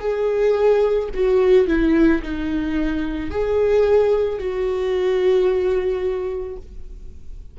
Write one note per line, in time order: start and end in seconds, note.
0.00 1.09 G#4
1.14 1.68 F#4
1.68 2.22 E4
2.23 3.30 D#4
3.30 4.39 G#4
4.39 6.57 F#4